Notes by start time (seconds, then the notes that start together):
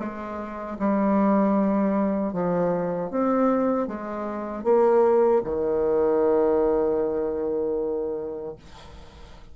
0.00 G#3
0.80 G3
2.33 F3
3.11 C4
3.88 G#3
4.64 A#3
5.44 D#3